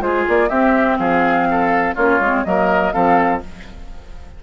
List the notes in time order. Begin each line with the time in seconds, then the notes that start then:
0.00 G#3 F4 G#4 C5
0.28 A#3 D5
0.49 C4 G4 E5
0.98 F3 G#4 F5
1.51 A4
1.95 A#3 C#4 F4 C#5
2.20 G#3 C4
2.44 F#3 A#3 A#4 D#5
2.92 F3 C4 A4 F5